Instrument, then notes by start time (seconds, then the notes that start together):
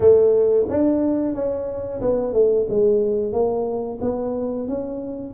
tuba
0.00 A3
0.68 D4
1.34 C#4
2.01 B3
2.33 A3
2.69 G#3
3.32 A#3
4.01 B3
4.68 C#4